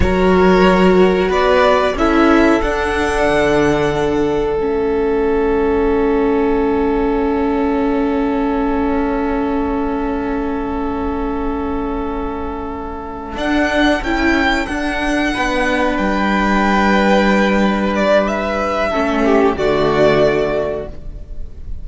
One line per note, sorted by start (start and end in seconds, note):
0.00 1.29 F#3
0.00 1.95 F#4
0.00 1.28 A#4
0.00 1.30 C#5
1.28 1.94 B3
1.28 1.93 B4
1.28 1.96 D5
1.95 2.60 C#4
1.95 2.62 E4
1.95 15.34 A4
1.95 2.61 E5
2.61 4.58 D4
2.61 3.27 D4
2.61 4.56 F#5
3.28 4.58 D3
4.56 13.35 A3
4.56 13.34 C#4
4.56 13.37 E5
13.34 14.00 D4
13.34 14.01 D4
13.34 14.02 F#5
14.02 14.67 C#4
14.02 14.68 E4
14.02 14.66 G5
14.66 15.33 D4
14.66 18.92 D4
14.66 15.96 F#5
15.34 15.98 B3
15.34 18.89 B4
15.97 18.91 G3
15.97 17.92 G5
17.95 18.27 D5
18.27 19.57 E5
18.89 19.55 A3
18.89 19.56 C#4
18.89 19.22 A4
19.24 19.57 G4
19.55 20.85 D3
19.55 20.87 A3
19.55 20.88 F#4
19.55 20.87 D5